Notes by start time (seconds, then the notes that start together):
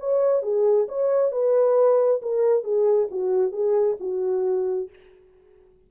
0.00 C#5
0.43 G#4
0.89 C#5
1.32 B4
2.22 A#4
2.64 G#4
3.11 F#4
3.52 G#4
4.00 F#4